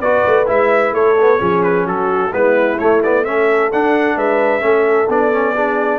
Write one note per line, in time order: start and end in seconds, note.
0.00 0.23 B3
0.00 0.46 F#4
0.00 0.94 B4
0.00 0.47 D5
0.26 0.49 A3
0.46 0.93 G#3
0.46 1.15 E4
0.46 0.94 E5
0.93 1.39 A3
0.93 1.40 A4
0.93 1.63 C#5
1.21 1.38 B3
1.38 1.87 F3
1.38 2.31 C#4
1.38 1.86 G#4
1.63 1.86 B4
1.86 2.33 F#3
1.86 2.32 F#4
1.86 2.33 A4
2.32 2.79 G#3
2.32 2.78 B3
2.32 3.25 E4
2.32 2.78 B4
2.78 3.03 A3
2.78 3.73 A3
2.78 3.02 C#5
3.03 3.25 B3
3.03 3.24 D5
3.24 3.71 C#4
3.24 4.16 A4
3.24 3.71 E5
3.72 4.16 D4
3.72 4.60 D4
3.72 4.18 F#5
4.16 4.62 G#3
4.16 4.63 B4
4.16 5.10 E5
4.60 5.08 A3
4.60 5.07 C#4
4.60 5.55 A4
5.09 5.99 B3
5.09 5.32 D4
5.09 5.99 D5
5.32 5.55 C#4
5.55 5.99 D4
5.55 5.99 G#4